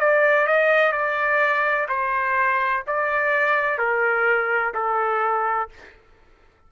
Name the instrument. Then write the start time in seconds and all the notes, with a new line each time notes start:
trumpet
0.00 D5
0.47 D#5
0.93 D5
1.89 C5
2.87 D5
3.79 A#4
4.74 A4